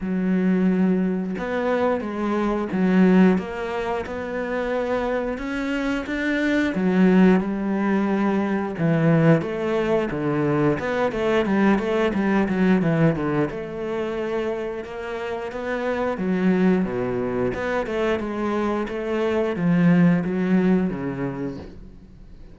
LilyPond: \new Staff \with { instrumentName = "cello" } { \time 4/4 \tempo 4 = 89 fis2 b4 gis4 | fis4 ais4 b2 | cis'4 d'4 fis4 g4~ | g4 e4 a4 d4 |
b8 a8 g8 a8 g8 fis8 e8 d8 | a2 ais4 b4 | fis4 b,4 b8 a8 gis4 | a4 f4 fis4 cis4 | }